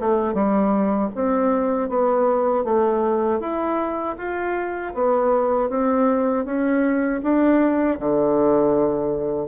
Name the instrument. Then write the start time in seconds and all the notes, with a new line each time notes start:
bassoon
0.00 A3
0.34 G3
1.15 C4
1.89 B3
2.64 A3
3.40 E4
4.18 F4
4.94 B3
5.70 C4
6.45 C#4
7.23 D4
8.00 D3